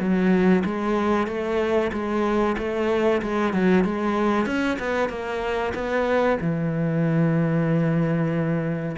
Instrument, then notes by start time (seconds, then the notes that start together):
cello
0.00 F#3
0.65 G#3
1.28 A3
1.93 G#3
2.58 A3
3.22 G#3
3.54 F#3
3.85 G#3
4.47 C#4
4.80 B3
5.10 A#3
5.75 B3
6.41 E3